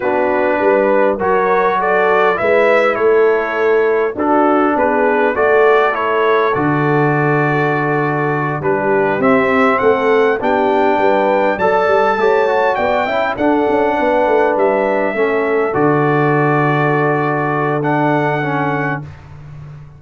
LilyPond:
<<
  \new Staff \with { instrumentName = "trumpet" } { \time 4/4 \tempo 4 = 101 b'2 cis''4 d''4 | e''4 cis''2 a'4 | b'4 d''4 cis''4 d''4~ | d''2~ d''8 b'4 e''8~ |
e''8 fis''4 g''2 a''8~ | a''4. g''4 fis''4.~ | fis''8 e''2 d''4.~ | d''2 fis''2 | }
  \new Staff \with { instrumentName = "horn" } { \time 4/4 fis'4 b'4 ais'4 a'4 | b'4 a'2 fis'4 | gis'4 a'2.~ | a'2~ a'8 g'4.~ |
g'8 a'4 g'4 b'4 d''8~ | d''8 cis''4 d''8 e''8 a'4 b'8~ | b'4. a'2~ a'8~ | a'1 | }
  \new Staff \with { instrumentName = "trombone" } { \time 4/4 d'2 fis'2 | e'2. d'4~ | d'4 fis'4 e'4 fis'4~ | fis'2~ fis'8 d'4 c'8~ |
c'4. d'2 a'8~ | a'8 g'8 fis'4 e'8 d'4.~ | d'4. cis'4 fis'4.~ | fis'2 d'4 cis'4 | }
  \new Staff \with { instrumentName = "tuba" } { \time 4/4 b4 g4 fis2 | gis4 a2 d'4 | b4 a2 d4~ | d2~ d8 g4 c'8~ |
c'8 a4 b4 g4 fis8 | g8 a4 b8 cis'8 d'8 cis'8 b8 | a8 g4 a4 d4.~ | d1 | }
>>